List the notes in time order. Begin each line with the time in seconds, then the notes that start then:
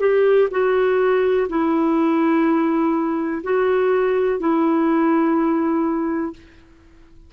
0.00 G4
0.51 F#4
1.49 E4
3.43 F#4
4.40 E4